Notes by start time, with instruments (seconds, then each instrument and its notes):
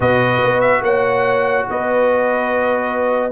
0.00 tuba B2, trombone F#4, horn B4, trumpet D#5
0.43 tuba B3
0.60 trumpet E5
0.81 tuba A#3, horn C#5, trumpet F#5
1.69 tuba B3, horn B4, trumpet D#5